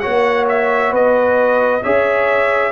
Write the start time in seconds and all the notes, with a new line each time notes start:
0.00 F#4 C#5 F#5
0.06 A#3
0.49 E5
0.92 B3 B4 D#5
1.83 C#4 G#4 C#5 E5